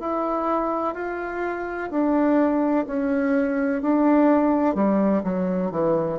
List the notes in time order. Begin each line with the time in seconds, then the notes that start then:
0.00 E4
0.95 F4
1.90 D4
2.87 C#4
3.82 D4
4.75 G3
5.24 F#3
5.71 E3